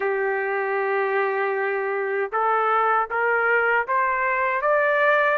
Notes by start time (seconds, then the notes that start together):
0.00 G4
2.31 A4
3.10 A#4
3.87 C5
4.61 D5